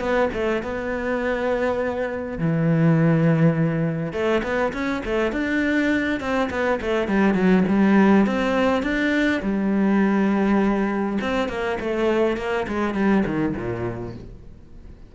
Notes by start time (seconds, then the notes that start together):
0.00 B3
0.34 A3
0.63 B3
2.39 E3
4.13 A3
4.44 B3
4.73 C#4
5.05 A3
5.32 D4
6.20 C4
6.51 B3
6.82 A3
7.08 G3
7.35 F#3
7.68 G3
8.26 C4
8.83 D4
9.43 G3
11.22 C4
11.49 A#3
11.81 A3
12.37 A#3
12.68 G#3
12.95 G3
13.26 D#3
13.57 A#2